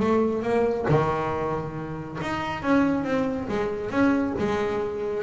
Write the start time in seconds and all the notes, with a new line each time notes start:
0.00 A3
0.42 A#3
0.89 D#3
2.22 D#4
2.63 C#4
3.04 C4
3.49 G#3
3.91 C#4
4.39 G#3